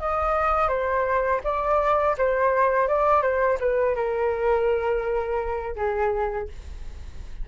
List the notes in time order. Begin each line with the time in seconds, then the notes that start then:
0.00 D#5
0.69 C5
1.44 D5
2.18 C5
2.88 D5
3.22 C5
3.60 B4
3.96 A#4
5.76 G#4